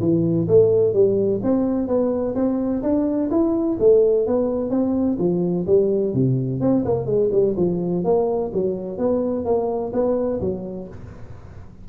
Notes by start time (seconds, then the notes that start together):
0.00 E3
0.47 A3
0.93 G3
1.43 C4
1.87 B3
2.35 C4
2.82 D4
3.30 E4
3.79 A3
4.26 B3
4.70 C4
5.18 F3
5.66 G3
6.14 C3
6.60 C4
6.85 A#3
7.06 G#3
7.32 G3
7.57 F3
8.04 A#3
8.53 F#3
8.98 B3
9.45 A#3
9.93 B3
10.40 F#3